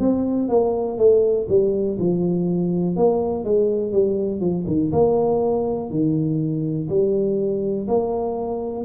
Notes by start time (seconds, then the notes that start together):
0.00 C4
0.49 A#3
0.98 A3
1.49 G3
1.99 F3
2.97 A#3
3.44 G#3
3.93 G3
4.41 F3
4.68 D#3
4.93 A#3
5.91 D#3
6.89 G3
7.88 A#3